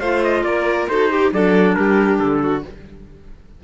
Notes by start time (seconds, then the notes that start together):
0.00 A3 F4 C5 F5
0.24 D#5
0.44 A#3 A#4 D5
0.88 D#4 F#4 A4 C5
1.10 G4
1.32 F#3 D4 A4 D5
1.75 G3 G4 A#4
2.19 D3 A4
2.42 F#4